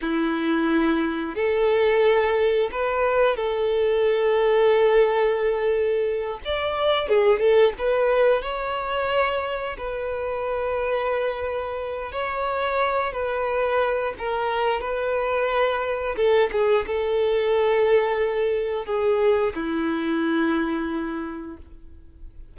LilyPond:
\new Staff \with { instrumentName = "violin" } { \time 4/4 \tempo 4 = 89 e'2 a'2 | b'4 a'2.~ | a'4. d''4 gis'8 a'8 b'8~ | b'8 cis''2 b'4.~ |
b'2 cis''4. b'8~ | b'4 ais'4 b'2 | a'8 gis'8 a'2. | gis'4 e'2. | }